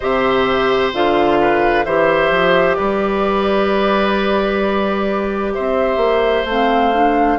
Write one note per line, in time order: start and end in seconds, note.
0.00 0.93 C3
0.00 0.93 G4
0.00 1.38 C5
0.00 0.92 E5
0.93 1.85 D3
0.93 1.85 F4
0.93 1.84 F5
1.41 1.85 B4
1.84 2.30 E3
1.84 6.47 G4
1.84 2.76 C5
1.84 2.74 E5
2.30 2.76 F3
2.74 5.56 G3
2.74 5.53 B4
2.74 5.51 D5
5.53 5.97 C4
5.53 7.38 C5
5.53 6.46 E5
5.97 6.43 A#3
6.44 7.37 A3
6.44 6.93 C4
6.44 7.38 F5
6.93 7.38 D4